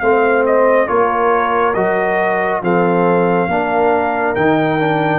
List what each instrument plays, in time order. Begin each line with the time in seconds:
0.00 tuba A3, trombone C4, horn C5, trumpet F5
0.46 trumpet D#5
0.87 tuba A#3, trombone F4, horn A#4, trumpet C#5
1.74 tuba F#3, trombone F#4, trumpet D#5
2.62 tuba F3, trombone C4, horn A4, trumpet F5
3.47 tuba A#3, trombone D4, horn A#4
4.35 tuba D#3, trombone D#4, trumpet G5
4.79 trombone D4